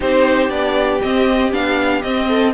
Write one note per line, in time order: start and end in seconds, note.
0.00 0.49 C4
0.00 0.49 D#4
0.00 2.27 G4
0.00 0.50 C5
0.49 1.00 B3
0.49 1.00 D4
0.49 1.01 D5
1.02 1.52 C4
1.02 1.53 D#5
1.52 2.03 B3
1.52 2.03 D4
1.52 2.02 F5
2.02 2.53 C4
2.02 2.54 C4
2.02 2.53 D#5
2.28 2.53 A4